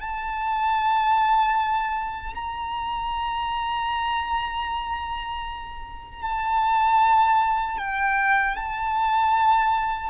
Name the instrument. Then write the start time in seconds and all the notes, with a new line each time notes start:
violin
0.00 A5
2.34 A#5
6.22 A5
7.78 G5
8.56 A5